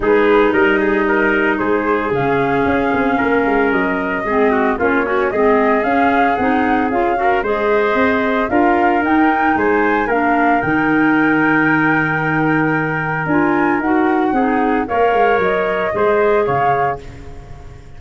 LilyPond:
<<
  \new Staff \with { instrumentName = "flute" } { \time 4/4 \tempo 4 = 113 b'4 dis''2 c''4 | f''2. dis''4~ | dis''4 cis''4 dis''4 f''4 | fis''4 f''4 dis''2 |
f''4 g''4 gis''4 f''4 | g''1~ | g''4 gis''4 fis''2 | f''4 dis''2 f''4 | }
  \new Staff \with { instrumentName = "trumpet" } { \time 4/4 gis'4 ais'8 gis'8 ais'4 gis'4~ | gis'2 ais'2 | gis'8 fis'8 f'8 cis'8 gis'2~ | gis'4. ais'8 c''2 |
ais'2 c''4 ais'4~ | ais'1~ | ais'2. gis'4 | cis''2 c''4 cis''4 | }
  \new Staff \with { instrumentName = "clarinet" } { \time 4/4 dis'1 | cis'1 | c'4 cis'8 fis'8 c'4 cis'4 | dis'4 f'8 fis'8 gis'2 |
f'4 dis'2 d'4 | dis'1~ | dis'4 f'4 fis'4 dis'4 | ais'2 gis'2 | }
  \new Staff \with { instrumentName = "tuba" } { \time 4/4 gis4 g2 gis4 | cis4 cis'8 c'8 ais8 gis8 fis4 | gis4 ais4 gis4 cis'4 | c'4 cis'4 gis4 c'4 |
d'4 dis'4 gis4 ais4 | dis1~ | dis4 d'4 dis'4 c'4 | ais8 gis8 fis4 gis4 cis4 | }
>>